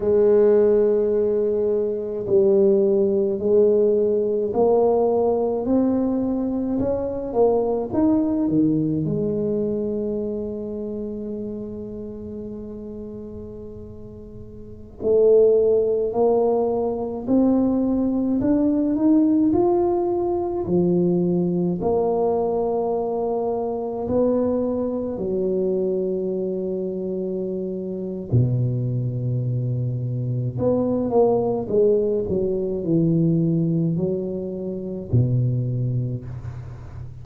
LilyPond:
\new Staff \with { instrumentName = "tuba" } { \time 4/4 \tempo 4 = 53 gis2 g4 gis4 | ais4 c'4 cis'8 ais8 dis'8 dis8 | gis1~ | gis4~ gis16 a4 ais4 c'8.~ |
c'16 d'8 dis'8 f'4 f4 ais8.~ | ais4~ ais16 b4 fis4.~ fis16~ | fis4 b,2 b8 ais8 | gis8 fis8 e4 fis4 b,4 | }